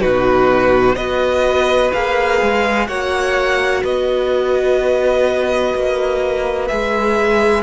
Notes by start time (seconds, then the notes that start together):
0.00 B2 D#4 F#4 B4
0.96 B3 F#4 B4 D#5
1.93 A#3 G#4 F5
2.42 G#3
2.88 A#3 F#4 C#5 F#5
3.84 B3 B4 D#5
5.75 A#3
6.68 G#3 G#4 E5